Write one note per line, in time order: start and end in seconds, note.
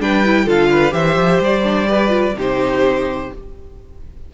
0.00 0.47 G3
0.00 0.24 D4
0.00 0.46 B4
0.00 0.49 G5
0.24 0.47 E4
0.46 0.94 D3
0.46 0.91 F4
0.46 0.70 A4
0.46 0.93 F5
0.72 0.94 B4
0.91 1.16 E3
0.91 1.62 G4
0.91 1.89 C5
0.91 1.41 E5
1.16 1.40 F3
1.40 2.35 G3
1.40 2.39 D5
1.64 1.88 D4
1.89 2.09 G4
1.89 2.36 B4
2.09 2.33 F4
2.35 3.29 C3
2.35 3.32 D#4
2.35 3.33 G4
2.35 3.35 C5